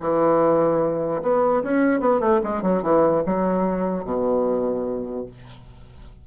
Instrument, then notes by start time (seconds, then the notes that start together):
bassoon
0.00 E3
1.22 B3
1.63 C#4
2.00 B3
2.20 A3
2.44 G#3
2.62 F#3
2.82 E3
3.26 F#3
4.04 B2